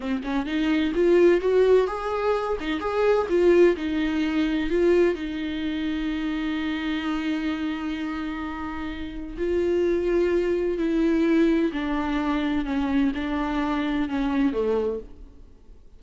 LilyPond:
\new Staff \with { instrumentName = "viola" } { \time 4/4 \tempo 4 = 128 c'8 cis'8 dis'4 f'4 fis'4 | gis'4. dis'8 gis'4 f'4 | dis'2 f'4 dis'4~ | dis'1~ |
dis'1 | f'2. e'4~ | e'4 d'2 cis'4 | d'2 cis'4 a4 | }